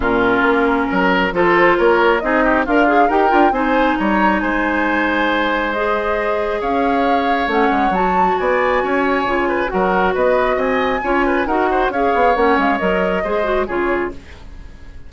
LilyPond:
<<
  \new Staff \with { instrumentName = "flute" } { \time 4/4 \tempo 4 = 136 ais'2. c''4 | cis''4 dis''4 f''4 g''4 | gis''4 ais''4 gis''2~ | gis''4 dis''2 f''4~ |
f''4 fis''4 a''4 gis''4~ | gis''2 fis''4 dis''4 | gis''2 fis''4 f''4 | fis''8 f''8 dis''2 cis''4 | }
  \new Staff \with { instrumentName = "oboe" } { \time 4/4 f'2 ais'4 a'4 | ais'4 gis'8 g'8 f'4 ais'4 | c''4 cis''4 c''2~ | c''2. cis''4~ |
cis''2. d''4 | cis''4. b'8 ais'4 b'4 | dis''4 cis''8 b'8 ais'8 c''8 cis''4~ | cis''2 c''4 gis'4 | }
  \new Staff \with { instrumentName = "clarinet" } { \time 4/4 cis'2. f'4~ | f'4 dis'4 ais'8 gis'8 g'8 f'8 | dis'1~ | dis'4 gis'2.~ |
gis'4 cis'4 fis'2~ | fis'4 f'4 fis'2~ | fis'4 f'4 fis'4 gis'4 | cis'4 ais'4 gis'8 fis'8 f'4 | }
  \new Staff \with { instrumentName = "bassoon" } { \time 4/4 ais,4 ais4 fis4 f4 | ais4 c'4 d'4 dis'8 d'8 | c'4 g4 gis2~ | gis2. cis'4~ |
cis'4 a8 gis8 fis4 b4 | cis'4 cis4 fis4 b4 | c'4 cis'4 dis'4 cis'8 b8 | ais8 gis8 fis4 gis4 cis4 | }
>>